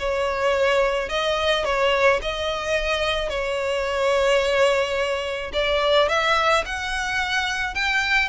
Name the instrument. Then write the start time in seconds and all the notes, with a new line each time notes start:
violin
0.00 C#5
1.09 D#5
1.65 C#5
2.22 D#5
3.30 C#5
5.53 D5
6.09 E5
6.66 F#5
7.75 G5